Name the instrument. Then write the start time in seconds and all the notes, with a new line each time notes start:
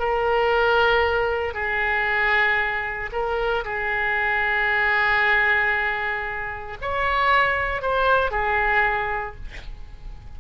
oboe
0.00 A#4
1.54 G#4
3.13 A#4
3.65 G#4
6.82 C#5
7.82 C5
8.31 G#4